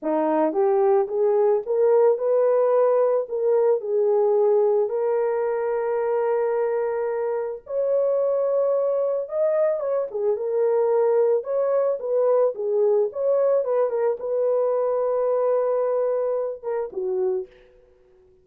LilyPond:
\new Staff \with { instrumentName = "horn" } { \time 4/4 \tempo 4 = 110 dis'4 g'4 gis'4 ais'4 | b'2 ais'4 gis'4~ | gis'4 ais'2.~ | ais'2 cis''2~ |
cis''4 dis''4 cis''8 gis'8 ais'4~ | ais'4 cis''4 b'4 gis'4 | cis''4 b'8 ais'8 b'2~ | b'2~ b'8 ais'8 fis'4 | }